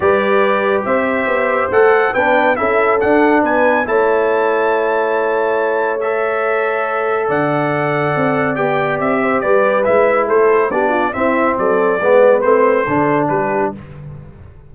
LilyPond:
<<
  \new Staff \with { instrumentName = "trumpet" } { \time 4/4 \tempo 4 = 140 d''2 e''2 | fis''4 g''4 e''4 fis''4 | gis''4 a''2.~ | a''2 e''2~ |
e''4 fis''2. | g''4 e''4 d''4 e''4 | c''4 d''4 e''4 d''4~ | d''4 c''2 b'4 | }
  \new Staff \with { instrumentName = "horn" } { \time 4/4 b'2 c''2~ | c''4 b'4 a'2 | b'4 cis''2.~ | cis''1~ |
cis''4 d''2.~ | d''4. c''8 b'2 | a'4 g'8 f'8 e'4 a'4 | b'2 a'4 g'4 | }
  \new Staff \with { instrumentName = "trombone" } { \time 4/4 g'1 | a'4 d'4 e'4 d'4~ | d'4 e'2.~ | e'2 a'2~ |
a'1 | g'2. e'4~ | e'4 d'4 c'2 | b4 c'4 d'2 | }
  \new Staff \with { instrumentName = "tuba" } { \time 4/4 g2 c'4 b4 | a4 b4 cis'4 d'4 | b4 a2.~ | a1~ |
a4 d2 c'4 | b4 c'4 g4 gis4 | a4 b4 c'4 fis4 | gis4 a4 d4 g4 | }
>>